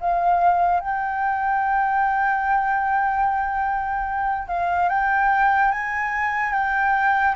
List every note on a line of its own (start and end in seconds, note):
0.00 0.80 F5
0.80 4.48 G5
4.48 4.89 F5
4.89 5.71 G5
5.71 6.53 G#5
6.53 7.35 G5